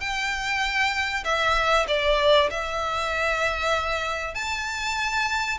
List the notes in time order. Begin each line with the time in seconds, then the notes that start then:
0.00 G5
1.24 E5
1.88 D5
2.50 E5
4.35 A5